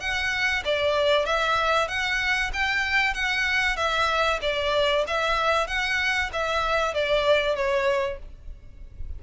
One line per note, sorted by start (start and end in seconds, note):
0.00 0.63 F#5
0.65 1.26 D5
1.26 1.88 E5
1.88 2.51 F#5
2.53 3.14 G5
3.14 3.76 F#5
3.76 4.40 E5
4.42 5.05 D5
5.07 5.67 E5
5.67 6.30 F#5
6.33 6.94 E5
6.94 7.56 D5
7.56 8.19 C#5